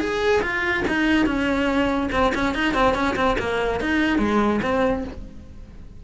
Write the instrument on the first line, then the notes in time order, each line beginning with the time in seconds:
cello
0.00 G#4
0.42 F4
0.88 D#4
1.26 C#4
2.12 C4
2.35 C#4
2.55 D#4
2.74 C4
2.95 C#4
3.16 C4
3.39 A#3
3.80 D#4
4.19 G#3
4.62 C4